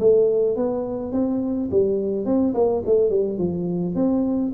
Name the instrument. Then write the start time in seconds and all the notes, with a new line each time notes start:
tuba
0.00 A3
0.56 B3
1.12 C4
1.71 G3
2.25 C4
2.54 A#3
2.86 A3
3.10 G3
3.38 F3
3.95 C4